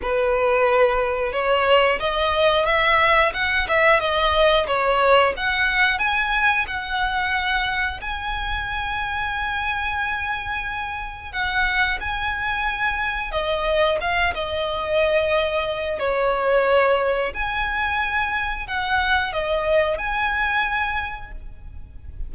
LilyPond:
\new Staff \with { instrumentName = "violin" } { \time 4/4 \tempo 4 = 90 b'2 cis''4 dis''4 | e''4 fis''8 e''8 dis''4 cis''4 | fis''4 gis''4 fis''2 | gis''1~ |
gis''4 fis''4 gis''2 | dis''4 f''8 dis''2~ dis''8 | cis''2 gis''2 | fis''4 dis''4 gis''2 | }